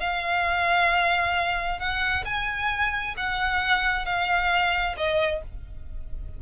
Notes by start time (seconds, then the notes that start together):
0.00 F5
1.80 F#5
2.25 G#5
3.17 F#5
4.06 F5
4.97 D#5